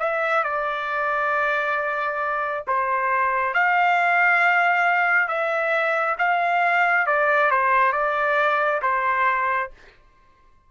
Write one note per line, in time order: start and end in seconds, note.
0.00 0.44 E5
0.44 2.64 D5
2.68 3.55 C5
3.55 5.28 F5
5.28 6.16 E5
6.19 7.07 F5
7.07 7.51 D5
7.51 7.93 C5
7.93 8.81 D5
8.82 9.71 C5